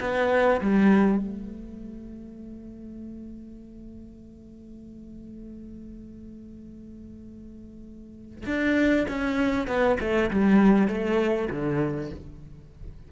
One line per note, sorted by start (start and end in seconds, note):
0.00 0.61 B3
0.61 1.18 G3
1.18 8.45 A3
8.46 9.06 D4
9.08 9.67 C#4
9.67 9.97 B3
10.00 10.30 A3
10.30 10.88 G3
10.88 11.48 A3
11.50 12.10 D3